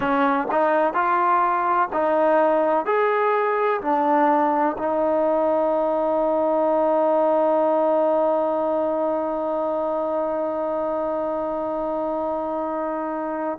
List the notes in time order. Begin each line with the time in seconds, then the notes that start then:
0.00 C#4
0.51 D#4
0.93 F4
1.93 D#4
2.85 G#4
3.81 D4
4.78 D#4